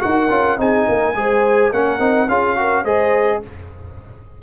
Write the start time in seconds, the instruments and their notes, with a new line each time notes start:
0.00 tuba D#4, trombone F#4, horn A#4, trumpet F#5
0.30 tuba C#4, trombone F4
0.58 tuba C4, trombone D#4, horn G#4, trumpet G#5
0.87 tuba A#3, horn A#4
1.15 tuba G#3, trombone G#4, horn C5
1.73 tuba A#3, trombone C#4, horn A#4, trumpet F#5
1.99 tuba C4, trombone D#4
2.28 tuba C#4, trombone F4, horn G#4, trumpet F5
2.57 trombone F#4, horn A#4
2.84 tuba G#3, trombone G#4, horn C5, trumpet D#5